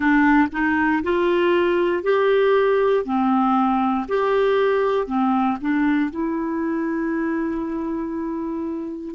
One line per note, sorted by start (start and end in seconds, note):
0.00 0.48 D4
0.51 1.02 D#4
1.03 2.03 F4
2.03 3.04 G4
3.04 4.06 C4
4.08 5.06 G4
5.06 5.57 C4
5.60 6.10 D4
6.10 9.15 E4